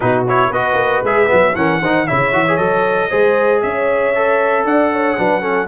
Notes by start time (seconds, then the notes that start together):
0.00 B2 D#4 F#4 B4
0.28 E4 C#5
0.48 B3 F#4 B4 D#5
0.74 A#3
1.03 G#3 G#4 E5
1.26 F#3 B3
1.55 E3 C#4 A#4 F#5
1.81 D#3 D#4 C5
2.07 C#3 E4 C#5 E5
2.32 E3 F#4
2.47 G#4
2.56 F#3 A4 D#5
3.09 G#3 G#4 C5
3.61 C#4 C#5 E5
4.15 A4
4.64 D4 D5 F#5
4.92 C#5
5.17 F#3 D4 B4
5.41 C#4 A4